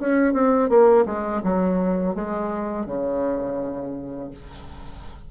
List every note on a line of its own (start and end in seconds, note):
0.00 0.34 C#4
0.34 0.70 C4
0.70 1.06 A#3
1.06 1.42 G#3
1.44 2.15 F#3
2.15 2.86 G#3
2.86 4.31 C#3